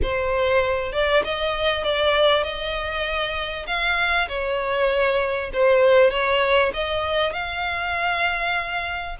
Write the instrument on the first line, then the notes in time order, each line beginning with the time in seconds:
violin
0.02 C5
0.92 D5
1.24 D#5
1.84 D5
2.43 D#5
3.66 F5
4.28 C#5
5.53 C5
6.11 C#5
6.73 D#5
7.32 F5